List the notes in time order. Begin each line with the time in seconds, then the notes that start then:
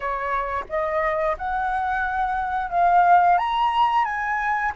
0.00 C#5
0.69 D#5
1.37 F#5
2.70 F5
3.38 A#5
4.04 G#5